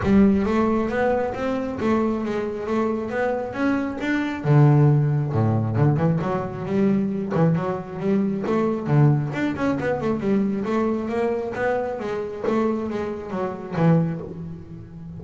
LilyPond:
\new Staff \with { instrumentName = "double bass" } { \time 4/4 \tempo 4 = 135 g4 a4 b4 c'4 | a4 gis4 a4 b4 | cis'4 d'4 d2 | a,4 d8 e8 fis4 g4~ |
g8 e8 fis4 g4 a4 | d4 d'8 cis'8 b8 a8 g4 | a4 ais4 b4 gis4 | a4 gis4 fis4 e4 | }